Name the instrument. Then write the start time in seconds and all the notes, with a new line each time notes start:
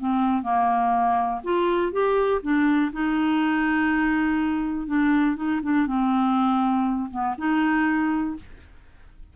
clarinet
0.00 C4
0.43 A#3
1.44 F4
1.93 G4
2.42 D4
2.93 D#4
4.87 D4
5.36 D#4
5.63 D4
5.87 C4
7.11 B3
7.38 D#4